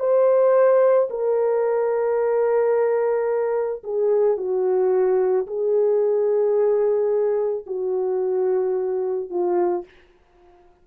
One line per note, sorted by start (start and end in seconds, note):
0.00 1.09 C5
1.11 3.83 A#4
3.84 4.38 G#4
4.38 5.47 F#4
5.47 7.66 G#4
7.67 9.31 F#4
9.31 9.85 F4